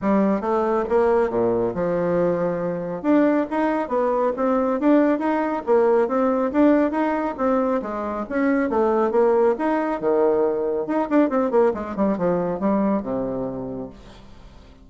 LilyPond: \new Staff \with { instrumentName = "bassoon" } { \time 4/4 \tempo 4 = 138 g4 a4 ais4 ais,4 | f2. d'4 | dis'4 b4 c'4 d'4 | dis'4 ais4 c'4 d'4 |
dis'4 c'4 gis4 cis'4 | a4 ais4 dis'4 dis4~ | dis4 dis'8 d'8 c'8 ais8 gis8 g8 | f4 g4 c2 | }